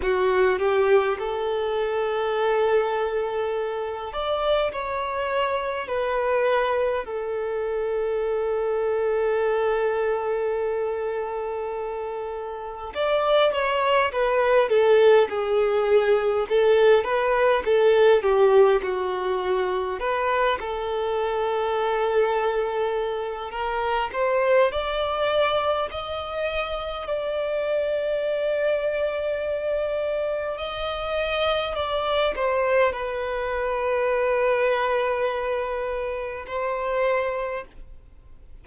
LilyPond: \new Staff \with { instrumentName = "violin" } { \time 4/4 \tempo 4 = 51 fis'8 g'8 a'2~ a'8 d''8 | cis''4 b'4 a'2~ | a'2. d''8 cis''8 | b'8 a'8 gis'4 a'8 b'8 a'8 g'8 |
fis'4 b'8 a'2~ a'8 | ais'8 c''8 d''4 dis''4 d''4~ | d''2 dis''4 d''8 c''8 | b'2. c''4 | }